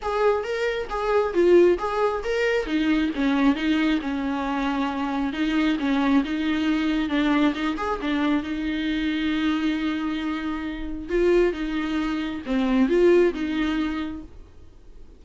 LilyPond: \new Staff \with { instrumentName = "viola" } { \time 4/4 \tempo 4 = 135 gis'4 ais'4 gis'4 f'4 | gis'4 ais'4 dis'4 cis'4 | dis'4 cis'2. | dis'4 cis'4 dis'2 |
d'4 dis'8 gis'8 d'4 dis'4~ | dis'1~ | dis'4 f'4 dis'2 | c'4 f'4 dis'2 | }